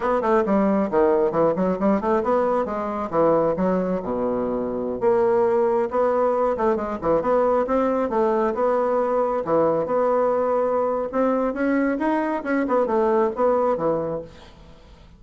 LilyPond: \new Staff \with { instrumentName = "bassoon" } { \time 4/4 \tempo 4 = 135 b8 a8 g4 dis4 e8 fis8 | g8 a8 b4 gis4 e4 | fis4 b,2~ b,16 ais8.~ | ais4~ ais16 b4. a8 gis8 e16~ |
e16 b4 c'4 a4 b8.~ | b4~ b16 e4 b4.~ b16~ | b4 c'4 cis'4 dis'4 | cis'8 b8 a4 b4 e4 | }